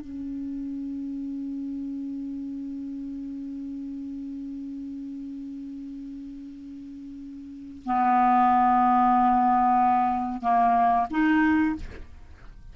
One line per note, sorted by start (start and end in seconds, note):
0.00 7.83 C#4
7.85 10.41 B3
10.41 11.07 A#3
11.10 11.75 D#4